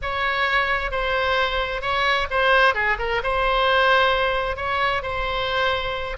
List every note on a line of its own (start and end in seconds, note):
0.02 0.91 C#5
0.91 1.81 C5
1.81 2.27 C#5
2.30 2.74 C5
2.74 2.97 G#4
2.99 3.21 A#4
3.23 4.56 C5
4.56 5.02 C#5
5.02 6.17 C5